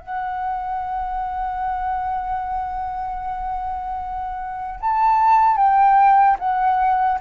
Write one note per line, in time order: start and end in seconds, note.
0.00 4.80 F#5
4.80 5.57 A5
5.57 6.37 G5
6.39 7.19 F#5